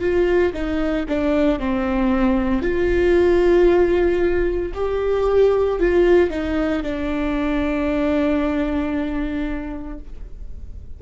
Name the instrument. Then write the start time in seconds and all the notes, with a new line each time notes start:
viola
0.00 F4
0.53 D#4
1.08 D4
1.59 C4
2.62 F4
4.74 G4
5.79 F4
6.30 D#4
6.82 D4